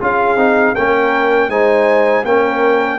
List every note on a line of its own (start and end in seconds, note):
0.00 0.36 C#4
0.00 0.37 F4
0.00 0.76 G#4
0.00 0.75 F5
0.36 0.73 C4
0.36 0.75 D#4
0.75 1.48 A#3
0.75 1.50 C#4
0.75 1.50 A#4
0.75 1.50 G5
1.48 2.23 G#3
1.48 2.25 D#4
1.48 2.25 C5
1.48 2.25 G#5
2.25 2.98 A#3
2.25 2.98 C#4
2.25 2.98 A#4
2.25 2.98 G5